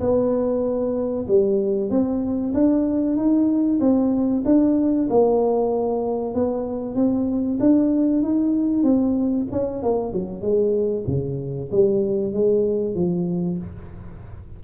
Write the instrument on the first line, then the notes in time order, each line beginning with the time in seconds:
tuba
0.00 B3
1.28 G3
1.90 C4
2.54 D4
3.17 D#4
3.80 C4
4.45 D4
5.10 A#3
6.35 B3
6.96 C4
7.60 D4
8.22 D#4
8.83 C4
9.52 C#4
9.83 A#3
10.13 F#3
10.42 G#3
11.07 C#3
11.72 G3
12.33 G#3
12.95 F3